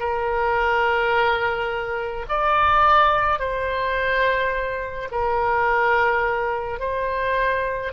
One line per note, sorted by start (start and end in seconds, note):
0.00 2.26 A#4
2.29 3.39 D5
3.39 5.09 C5
5.11 6.80 A#4
6.80 7.93 C5